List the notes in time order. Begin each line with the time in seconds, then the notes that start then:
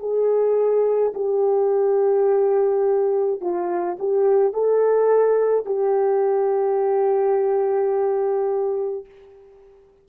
0.00 G#4
1.15 G4
3.41 F4
3.99 G4
4.53 A4
5.66 G4